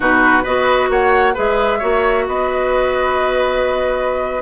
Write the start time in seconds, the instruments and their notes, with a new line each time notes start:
0.00 bassoon B2, clarinet D#4, oboe F#4, flute B4
0.43 bassoon B3, clarinet F#4, oboe B4, flute D#5
0.89 bassoon A#3, oboe C#5, flute F#5
1.34 bassoon G#3, clarinet G#4, oboe B4, flute E5
1.78 bassoon A#3, clarinet F#4, oboe C#5
2.27 bassoon B3, oboe B4, flute D#5